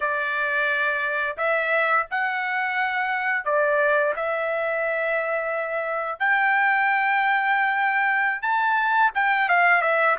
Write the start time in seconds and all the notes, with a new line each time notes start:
0.00 D5
1.37 E5
2.10 F#5
3.44 D5
4.15 E5
6.19 G5
8.41 A5
9.14 G5
9.49 F5
9.81 E5